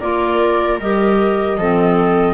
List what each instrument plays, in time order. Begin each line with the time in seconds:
0.00 double bass A#3, clarinet F4, viola A#4, flute D5
0.79 double bass G3, clarinet G4, flute D#5
1.58 double bass F3, clarinet C4, viola A4